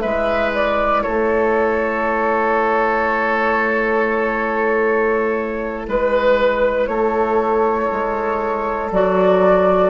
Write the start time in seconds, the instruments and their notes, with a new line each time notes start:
0.00 bassoon G#3, clarinet E4, oboe B4, flute E5
0.55 flute D5
1.03 bassoon A3, oboe A4, flute C#5
5.88 bassoon G#3, flute B4, oboe B4
6.87 bassoon A3, oboe A4, flute C#5
7.92 bassoon G#3
8.91 bassoon F#3, clarinet F#4, flute D5